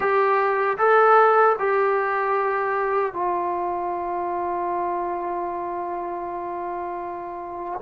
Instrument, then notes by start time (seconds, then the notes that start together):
trombone
0.00 G4
0.78 A4
1.58 G4
3.13 F4